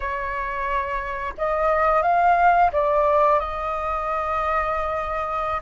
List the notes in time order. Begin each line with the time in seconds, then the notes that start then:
0.00 C#5
1.37 D#5
2.02 F5
2.72 D5
3.39 D#5